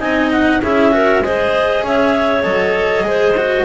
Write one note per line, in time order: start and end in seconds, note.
0.00 0.61 C4
0.00 0.61 D#4
0.00 0.61 D#5
0.00 0.31 G#5
0.32 0.62 F#5
0.62 1.21 C#4
0.62 0.92 E4
0.62 0.92 G#4
0.62 1.24 E5
0.92 1.23 F#4
0.92 1.25 A#4
1.21 1.82 G#3
1.21 2.43 G#4
1.21 1.84 C5
1.21 1.85 D#5
1.83 2.45 C#4
1.83 3.06 C#5
1.83 2.43 E5
2.43 3.03 F#3
2.43 3.04 A4
2.43 3.65 D#5
3.03 3.65 G#3
3.03 3.35 G#4
3.03 3.66 C5
3.37 3.66 F#4